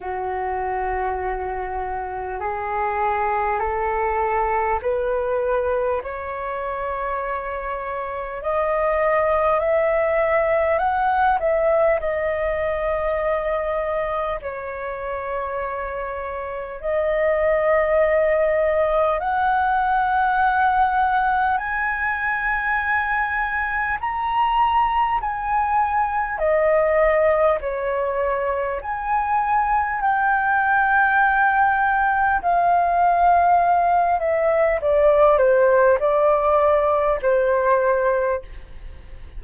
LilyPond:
\new Staff \with { instrumentName = "flute" } { \time 4/4 \tempo 4 = 50 fis'2 gis'4 a'4 | b'4 cis''2 dis''4 | e''4 fis''8 e''8 dis''2 | cis''2 dis''2 |
fis''2 gis''2 | ais''4 gis''4 dis''4 cis''4 | gis''4 g''2 f''4~ | f''8 e''8 d''8 c''8 d''4 c''4 | }